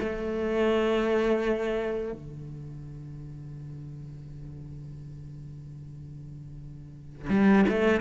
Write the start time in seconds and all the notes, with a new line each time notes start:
0.00 A3
2.13 D3
7.30 G3
7.69 A3